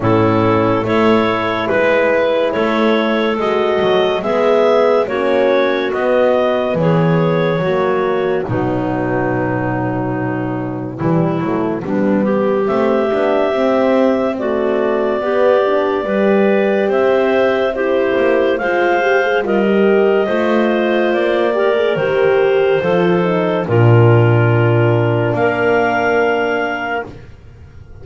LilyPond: <<
  \new Staff \with { instrumentName = "clarinet" } { \time 4/4 \tempo 4 = 71 a'4 cis''4 b'4 cis''4 | dis''4 e''4 cis''4 dis''4 | cis''2 b'2~ | b'2. e''4~ |
e''4 d''2. | e''4 c''4 f''4 dis''4~ | dis''4 d''4 c''2 | ais'2 f''2 | }
  \new Staff \with { instrumentName = "clarinet" } { \time 4/4 e'4 a'4 b'4 a'4~ | a'4 gis'4 fis'2 | gis'4 fis'4 dis'2~ | dis'4 e'4 d'8 g'4.~ |
g'4 fis'4 g'4 b'4 | c''4 g'4 c''4 ais'4 | c''4. ais'4. a'4 | f'2 ais'2 | }
  \new Staff \with { instrumentName = "horn" } { \time 4/4 cis'4 e'2. | fis'4 b4 cis'4 b4~ | b4 ais4 fis2~ | fis4 g8 a8 b4 c'8 d'8 |
c'4 a4 b8 d'8 g'4~ | g'4 e'4 f'8 g'16 gis'16 f'16 g'8. | f'4. g'16 gis'16 g'4 f'8 dis'8 | d'1 | }
  \new Staff \with { instrumentName = "double bass" } { \time 4/4 a,4 a4 gis4 a4 | gis8 fis8 gis4 ais4 b4 | e4 fis4 b,2~ | b,4 e8 fis8 g4 a8 b8 |
c'2 b4 g4 | c'4. ais8 gis4 g4 | a4 ais4 dis4 f4 | ais,2 ais2 | }
>>